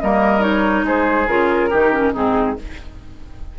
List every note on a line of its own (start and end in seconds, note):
0.00 0.83 G3
0.00 0.40 A#3
0.00 0.86 A#4
0.00 0.42 D#5
0.40 1.26 D#4
0.40 0.85 C#5
0.83 1.26 G#3
0.83 1.70 G#4
0.83 1.28 C5
1.28 1.72 C#3
1.28 1.71 F4
1.28 2.14 A#4
1.70 2.14 D#3
1.70 1.92 D#4
1.70 2.13 G4
1.92 2.13 C#4
2.13 2.57 G#2
2.13 2.57 C4
2.13 2.56 D#4
2.13 2.58 G#4